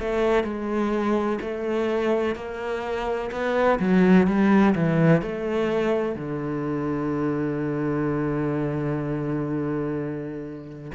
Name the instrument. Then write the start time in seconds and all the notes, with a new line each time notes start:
cello
0.00 A3
0.44 G#3
1.42 A3
2.36 A#3
3.32 B3
3.80 F#3
4.28 G3
4.76 E3
5.22 A3
6.16 D3